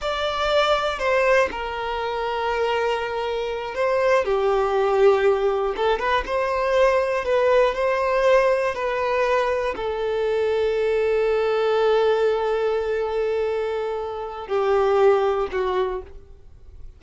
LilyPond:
\new Staff \with { instrumentName = "violin" } { \time 4/4 \tempo 4 = 120 d''2 c''4 ais'4~ | ais'2.~ ais'8 c''8~ | c''8 g'2. a'8 | b'8 c''2 b'4 c''8~ |
c''4. b'2 a'8~ | a'1~ | a'1~ | a'4 g'2 fis'4 | }